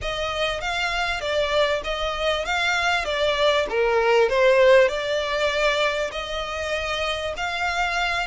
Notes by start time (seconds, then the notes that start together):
0.01 D#5
0.60 F5
1.21 D5
1.83 D#5
2.45 F5
3.04 D5
3.69 A#4
4.29 C5
4.88 D5
6.11 D#5
7.36 F5